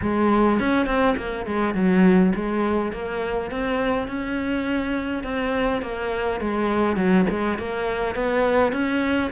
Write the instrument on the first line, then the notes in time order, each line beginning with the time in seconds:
cello
0.01 G#3
0.59 C#4
0.86 C4
1.17 A#3
1.46 G#3
1.74 F#3
2.35 G#3
2.92 A#3
3.51 C4
4.07 C#4
5.23 C4
5.82 A#3
6.40 G#3
6.96 F#3
7.29 G#3
7.58 A#3
8.15 B3
8.72 C#4